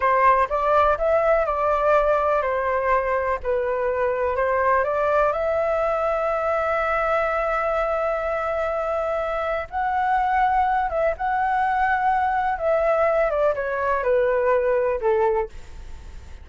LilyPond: \new Staff \with { instrumentName = "flute" } { \time 4/4 \tempo 4 = 124 c''4 d''4 e''4 d''4~ | d''4 c''2 b'4~ | b'4 c''4 d''4 e''4~ | e''1~ |
e''1 | fis''2~ fis''8 e''8 fis''4~ | fis''2 e''4. d''8 | cis''4 b'2 a'4 | }